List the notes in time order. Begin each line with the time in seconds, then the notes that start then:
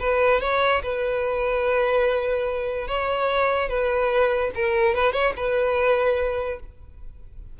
0.00 B4
0.41 C#5
0.83 B4
2.88 C#5
3.69 B4
4.55 A#4
4.95 B4
5.13 C#5
5.37 B4